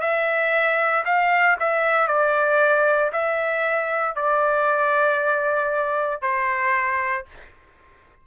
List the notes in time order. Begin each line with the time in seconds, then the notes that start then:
0.00 E5
1.05 F5
1.59 E5
2.07 D5
3.12 E5
4.16 D5
6.22 C5